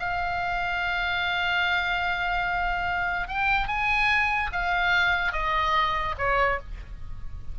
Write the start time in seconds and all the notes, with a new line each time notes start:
0.00 F5
3.28 G5
3.68 G#5
4.53 F5
5.33 D#5
6.18 C#5